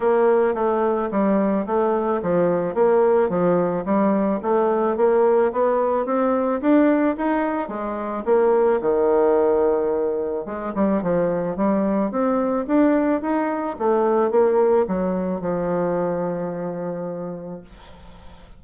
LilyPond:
\new Staff \with { instrumentName = "bassoon" } { \time 4/4 \tempo 4 = 109 ais4 a4 g4 a4 | f4 ais4 f4 g4 | a4 ais4 b4 c'4 | d'4 dis'4 gis4 ais4 |
dis2. gis8 g8 | f4 g4 c'4 d'4 | dis'4 a4 ais4 fis4 | f1 | }